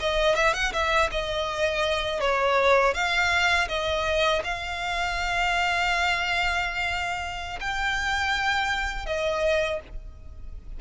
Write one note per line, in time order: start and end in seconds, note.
0.00 0.35 D#5
0.35 0.54 E5
0.54 0.72 F#5
0.73 1.10 E5
1.11 2.21 D#5
2.21 2.94 C#5
2.94 3.68 F5
3.68 4.42 D#5
4.44 7.59 F5
7.61 9.06 G5
9.06 9.80 D#5